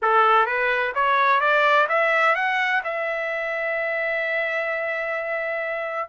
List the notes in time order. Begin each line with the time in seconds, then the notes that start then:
0.02 A4
0.46 B4
0.94 C#5
1.40 D5
1.89 E5
2.35 F#5
2.84 E5